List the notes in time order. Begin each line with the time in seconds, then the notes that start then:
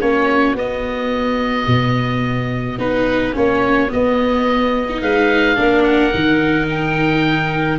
0.00 A#3 C#4 F#4 C#5
0.54 B3 D#5
1.67 B2
2.78 B3 D#4 B4
3.33 A#3 C#4 C#5
3.88 B3 D#5
4.89 D#4
5.01 G#3 B4 F5
5.56 A#3 D4 A#4
5.82 F#5
6.12 D#3 D#4
6.69 G5